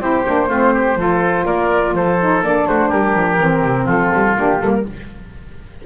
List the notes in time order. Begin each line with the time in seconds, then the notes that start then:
0.00 C4 E4 G4 C5
0.26 A#3 D4
0.49 A3 C4 F4
0.74 G4
0.96 F3 F4 A4
1.45 A#3 A#4 D5
1.94 F3 A4 C5
2.20 D#4
2.42 A#3 D4 D5
2.67 A3 F#4 C5
2.89 G3 G4 A#4
3.15 F3
3.39 E3 C4
3.62 C3
3.85 F3 F4 A4
4.14 G3
4.36 A#3 D4 G4
4.61 G3 A#3 A4
4.74 A#4